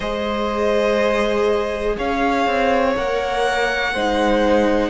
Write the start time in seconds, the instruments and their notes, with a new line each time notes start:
0.00 cello G#3, viola G#4, violin C5 D#5
1.97 cello C#4, violin C#5 F5
2.47 cello C4
2.95 cello A#3, viola A#4, violin F#5
3.93 cello G#3, viola D#4, violin C5